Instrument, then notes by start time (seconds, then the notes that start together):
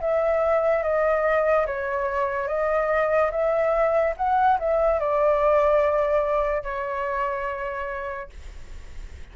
flute
0.00 E5
0.83 D#5
1.66 C#5
2.47 D#5
3.31 E5
4.17 F#5
4.59 E5
5.00 D5
6.63 C#5